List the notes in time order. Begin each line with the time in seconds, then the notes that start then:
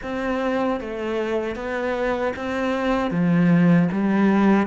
0.02 C4
0.80 A3
1.55 B3
2.36 C4
3.10 F3
3.92 G3